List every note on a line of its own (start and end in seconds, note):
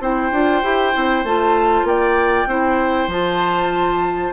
0.00 0.31 C4
0.00 0.32 E4
0.00 1.87 C5
0.00 1.24 G5
0.31 0.62 D4
0.31 0.63 F4
0.63 0.94 E4
0.63 0.93 G4
0.93 1.24 C4
0.93 1.24 E4
1.24 1.83 A3
1.24 2.48 F4
1.24 1.86 A5
1.83 2.45 A#3
1.83 2.48 D5
1.83 3.10 G5
2.46 3.07 C4
2.46 3.10 E4
2.46 4.33 C5
3.07 4.31 F3
3.07 4.33 F4
3.07 4.33 A5